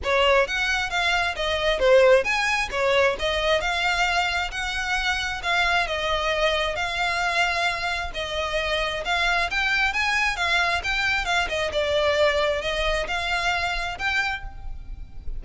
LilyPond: \new Staff \with { instrumentName = "violin" } { \time 4/4 \tempo 4 = 133 cis''4 fis''4 f''4 dis''4 | c''4 gis''4 cis''4 dis''4 | f''2 fis''2 | f''4 dis''2 f''4~ |
f''2 dis''2 | f''4 g''4 gis''4 f''4 | g''4 f''8 dis''8 d''2 | dis''4 f''2 g''4 | }